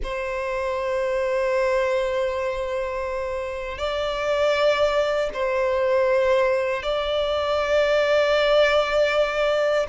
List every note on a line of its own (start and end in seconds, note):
0.03 3.78 C5
3.78 5.30 D5
5.33 6.82 C5
6.82 9.86 D5